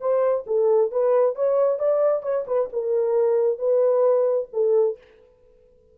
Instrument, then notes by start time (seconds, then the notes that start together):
horn
0.00 C5
0.46 A4
0.91 B4
1.35 C#5
1.79 D5
2.22 C#5
2.47 B4
2.72 A#4
3.59 B4
4.53 A4